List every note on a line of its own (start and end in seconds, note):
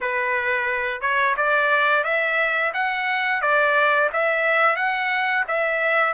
0.01 1.01 B4
1.01 1.35 C#5
1.36 2.04 D5
2.04 2.72 E5
2.73 3.41 F#5
3.41 4.09 D5
4.12 4.76 E5
4.76 5.44 F#5
5.47 6.13 E5